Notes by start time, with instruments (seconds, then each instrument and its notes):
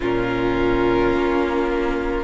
0.00 cello A#2, viola C#4, violin F4 A#4
1.14 cello A#3